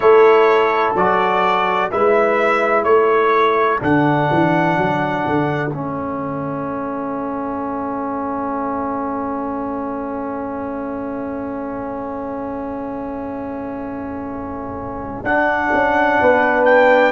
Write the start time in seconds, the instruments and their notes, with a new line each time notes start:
0.00 tuba A3, trombone E4, horn A4, trumpet C#5
0.94 tuba F#3, trombone F#4, trumpet D5
1.91 tuba G#3, trombone E4, horn B4, trumpet E5
2.84 tuba A3, horn A4, trumpet C#5
3.80 tuba D3, trombone D4, trumpet F#5
4.31 tuba E3
4.77 tuba F#3
5.26 tuba D3
5.70 tuba A3, trombone C#4, trumpet E5
15.23 tuba D4, trombone D4, trumpet F#5
15.73 tuba C#4
16.20 tuba B3, horn B4
16.65 trumpet G5